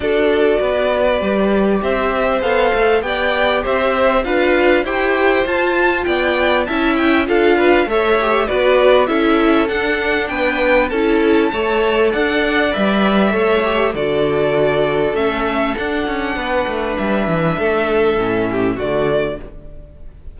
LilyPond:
<<
  \new Staff \with { instrumentName = "violin" } { \time 4/4 \tempo 4 = 99 d''2. e''4 | f''4 g''4 e''4 f''4 | g''4 a''4 g''4 a''8 g''8 | f''4 e''4 d''4 e''4 |
fis''4 g''4 a''2 | fis''4 e''2 d''4~ | d''4 e''4 fis''2 | e''2. d''4 | }
  \new Staff \with { instrumentName = "violin" } { \time 4/4 a'4 b'2 c''4~ | c''4 d''4 c''4 b'4 | c''2 d''4 e''4 | a'8 b'8 cis''4 b'4 a'4~ |
a'4 b'4 a'4 cis''4 | d''2 cis''4 a'4~ | a'2. b'4~ | b'4 a'4. g'8 fis'4 | }
  \new Staff \with { instrumentName = "viola" } { \time 4/4 fis'2 g'2 | a'4 g'2 f'4 | g'4 f'2 e'4 | f'4 a'8 g'8 fis'4 e'4 |
d'2 e'4 a'4~ | a'4 b'4 a'8 g'8 fis'4~ | fis'4 cis'4 d'2~ | d'2 cis'4 a4 | }
  \new Staff \with { instrumentName = "cello" } { \time 4/4 d'4 b4 g4 c'4 | b8 a8 b4 c'4 d'4 | e'4 f'4 b4 cis'4 | d'4 a4 b4 cis'4 |
d'4 b4 cis'4 a4 | d'4 g4 a4 d4~ | d4 a4 d'8 cis'8 b8 a8 | g8 e8 a4 a,4 d4 | }
>>